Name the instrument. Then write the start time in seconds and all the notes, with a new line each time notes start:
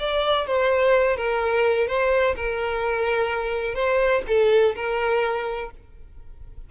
violin
0.00 D5
0.47 C5
1.17 A#4
1.88 C5
2.36 A#4
3.75 C5
4.28 A4
4.76 A#4